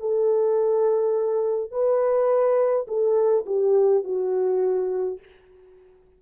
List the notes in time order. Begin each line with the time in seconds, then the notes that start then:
0.00 A4
1.71 B4
2.87 A4
3.46 G4
4.04 F#4